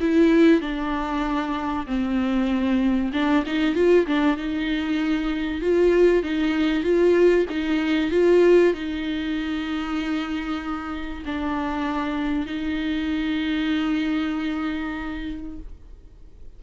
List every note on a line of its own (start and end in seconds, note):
0.00 0.61 E4
0.61 1.86 D4
1.86 3.11 C4
3.13 3.44 D4
3.46 3.75 D#4
3.75 4.06 F4
4.07 4.37 D4
4.37 5.61 D#4
5.61 6.23 F4
6.23 6.83 D#4
6.83 7.46 F4
7.49 8.11 D#4
8.11 8.74 F4
8.74 11.24 D#4
11.26 12.46 D4
12.46 15.59 D#4